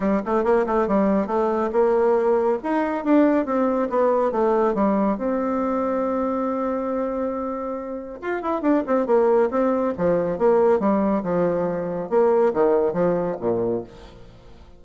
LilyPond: \new Staff \with { instrumentName = "bassoon" } { \time 4/4 \tempo 4 = 139 g8 a8 ais8 a8 g4 a4 | ais2 dis'4 d'4 | c'4 b4 a4 g4 | c'1~ |
c'2. f'8 e'8 | d'8 c'8 ais4 c'4 f4 | ais4 g4 f2 | ais4 dis4 f4 ais,4 | }